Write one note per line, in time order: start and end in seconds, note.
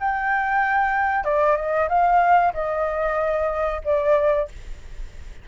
0.00 1.24 G5
1.24 1.56 D5
1.56 1.88 D#5
1.89 2.53 F5
2.54 3.82 D#5
3.84 4.48 D5